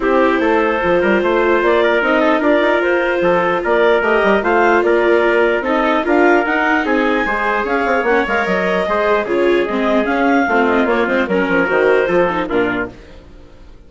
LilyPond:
<<
  \new Staff \with { instrumentName = "clarinet" } { \time 4/4 \tempo 4 = 149 c''1 | d''4 dis''4 d''4 c''4~ | c''4 d''4 dis''4 f''4 | d''2 dis''4 f''4 |
fis''4 gis''2 f''4 | fis''8 f''8 dis''2 cis''4 | dis''4 f''4. dis''8 cis''8 c''8 | ais'4 c''2 ais'4 | }
  \new Staff \with { instrumentName = "trumpet" } { \time 4/4 g'4 a'4. ais'8 c''4~ | c''8 ais'4 a'8 ais'2 | a'4 ais'2 c''4 | ais'2 a'4 ais'4~ |
ais'4 gis'4 c''4 cis''4~ | cis''2 c''4 gis'4~ | gis'2 f'2 | ais'2 a'4 f'4 | }
  \new Staff \with { instrumentName = "viola" } { \time 4/4 e'2 f'2~ | f'4 dis'4 f'2~ | f'2 g'4 f'4~ | f'2 dis'4 f'4 |
dis'2 gis'2 | cis'8 ais'4. gis'4 f'4 | c'4 cis'4 c'4 ais8 c'8 | cis'4 fis'4 f'8 dis'8 d'4 | }
  \new Staff \with { instrumentName = "bassoon" } { \time 4/4 c'4 a4 f8 g8 a4 | ais4 c'4 d'8 dis'8 f'4 | f4 ais4 a8 g8 a4 | ais2 c'4 d'4 |
dis'4 c'4 gis4 cis'8 c'8 | ais8 gis8 fis4 gis4 cis4 | gis4 cis'4 a4 ais8 gis8 | fis8 f8 dis4 f4 ais,4 | }
>>